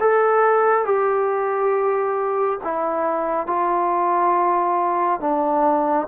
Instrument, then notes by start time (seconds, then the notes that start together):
trombone
0.00 A4
0.85 G4
2.64 E4
3.47 F4
5.20 D4